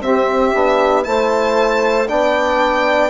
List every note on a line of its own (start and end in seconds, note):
0.00 0.52 C4
0.00 0.54 C4
0.00 1.05 G4
0.00 1.04 E5
0.54 1.06 B3
0.54 1.03 D4
1.03 2.09 A3
1.03 2.06 E4
1.03 2.08 C5
1.03 2.07 A5
2.08 3.10 B3
2.08 3.10 D4
2.08 3.10 D5
2.08 3.10 G5